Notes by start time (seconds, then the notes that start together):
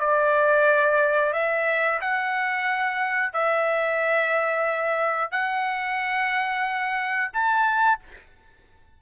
0.00 D5
1.33 E5
2.01 F#5
3.33 E5
5.32 F#5
7.33 A5